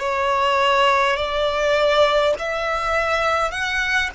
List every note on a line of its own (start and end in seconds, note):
0.00 1.17 C#5
1.17 2.34 D5
2.39 3.52 E5
3.52 4.11 F#5